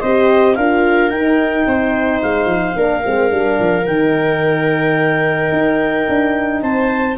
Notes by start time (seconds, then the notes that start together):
0.00 C4 G4 C5 D#5
0.55 D4 F4 A#4 F5
1.10 D#4 G5
1.67 C4 C5
2.22 G#3 F5
2.46 F3
2.76 A#3 D4 A#4
3.05 G#3 C4
3.30 G3 D4
3.60 F3
3.86 D#3 D#4 G5
5.52 D#4
6.08 D4
6.62 C4 C5 A5